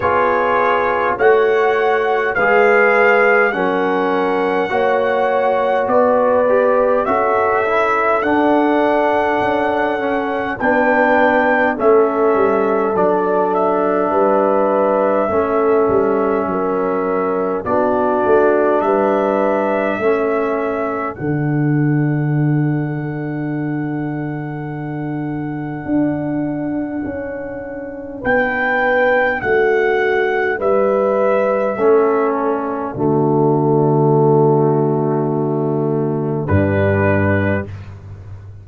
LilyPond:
<<
  \new Staff \with { instrumentName = "trumpet" } { \time 4/4 \tempo 4 = 51 cis''4 fis''4 f''4 fis''4~ | fis''4 d''4 e''4 fis''4~ | fis''4 g''4 e''4 d''8 e''8~ | e''2. d''4 |
e''2 fis''2~ | fis''1 | g''4 fis''4 e''4. d''8~ | d''2. b'4 | }
  \new Staff \with { instrumentName = "horn" } { \time 4/4 gis'4 cis''4 b'4 ais'4 | cis''4 b'4 a'2~ | a'4 b'4 a'2 | b'4 a'4 ais'4 fis'4 |
b'4 a'2.~ | a'1 | b'4 fis'4 b'4 a'4 | fis'2. d'4 | }
  \new Staff \with { instrumentName = "trombone" } { \time 4/4 f'4 fis'4 gis'4 cis'4 | fis'4. g'8 fis'8 e'8 d'4~ | d'8 cis'8 d'4 cis'4 d'4~ | d'4 cis'2 d'4~ |
d'4 cis'4 d'2~ | d'1~ | d'2. cis'4 | a2. g4 | }
  \new Staff \with { instrumentName = "tuba" } { \time 4/4 b4 a4 gis4 fis4 | ais4 b4 cis'4 d'4 | cis'4 b4 a8 g8 fis4 | g4 a8 g8 fis4 b8 a8 |
g4 a4 d2~ | d2 d'4 cis'4 | b4 a4 g4 a4 | d2. g,4 | }
>>